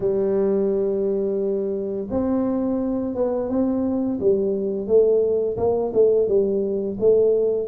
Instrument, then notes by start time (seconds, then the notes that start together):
tuba
0.00 G3
2.10 C4
3.14 B3
3.49 C4
4.20 G3
4.87 A3
5.57 A#3
5.93 A3
6.28 G3
7.00 A3